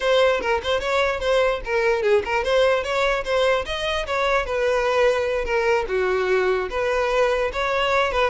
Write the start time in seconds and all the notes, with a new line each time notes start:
0.00 C5
0.40 A#4
0.63 C5
0.80 C#5
1.20 C5
1.64 A#4
2.02 G#4
2.25 A#4
2.43 C5
2.83 C#5
3.24 C5
3.65 D#5
4.06 C#5
4.45 B4
5.44 A#4
5.88 F#4
6.70 B4
7.52 C#5
8.12 B4